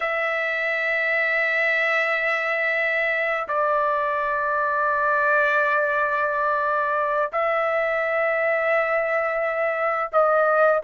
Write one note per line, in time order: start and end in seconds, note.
0.00 3.47 E5
3.48 7.31 D5
7.32 10.11 E5
10.12 10.82 D#5